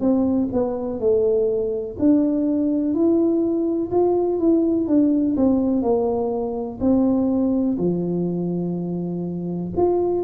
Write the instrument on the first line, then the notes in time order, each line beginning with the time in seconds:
tuba
0.00 C4
0.52 B3
0.99 A3
1.99 D4
2.94 E4
3.91 F4
4.39 E4
4.87 D4
5.36 C4
5.82 A#3
6.80 C4
7.77 F3
9.76 F4